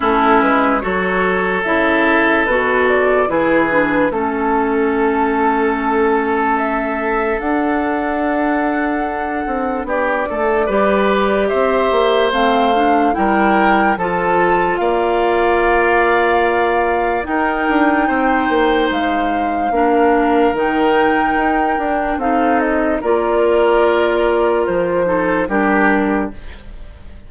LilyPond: <<
  \new Staff \with { instrumentName = "flute" } { \time 4/4 \tempo 4 = 73 a'8 b'8 cis''4 e''4 b'8 d''8 | b'4 a'2. | e''4 fis''2. | d''2 e''4 f''4 |
g''4 a''4 f''2~ | f''4 g''2 f''4~ | f''4 g''2 f''8 dis''8 | d''2 c''4 ais'4 | }
  \new Staff \with { instrumentName = "oboe" } { \time 4/4 e'4 a'2. | gis'4 a'2.~ | a'1 | g'8 a'8 b'4 c''2 |
ais'4 a'4 d''2~ | d''4 ais'4 c''2 | ais'2. a'4 | ais'2~ ais'8 a'8 g'4 | }
  \new Staff \with { instrumentName = "clarinet" } { \time 4/4 cis'4 fis'4 e'4 fis'4 | e'8 d'8 cis'2.~ | cis'4 d'2.~ | d'4 g'2 c'8 d'8 |
e'4 f'2.~ | f'4 dis'2. | d'4 dis'4. d'8 dis'4 | f'2~ f'8 dis'8 d'4 | }
  \new Staff \with { instrumentName = "bassoon" } { \time 4/4 a8 gis8 fis4 cis4 b,4 | e4 a2.~ | a4 d'2~ d'8 c'8 | b8 a8 g4 c'8 ais8 a4 |
g4 f4 ais2~ | ais4 dis'8 d'8 c'8 ais8 gis4 | ais4 dis4 dis'8 d'8 c'4 | ais2 f4 g4 | }
>>